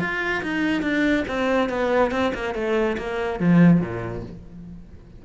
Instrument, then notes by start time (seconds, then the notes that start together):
cello
0.00 F4
0.43 D#4
0.82 D4
1.28 C4
1.69 B3
2.12 C4
2.35 A#3
2.55 A3
2.98 A#3
3.40 F3
3.81 A#2